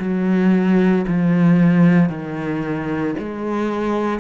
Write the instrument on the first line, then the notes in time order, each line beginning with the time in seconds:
cello
0.00 F#3
1.08 F3
2.10 D#3
3.19 G#3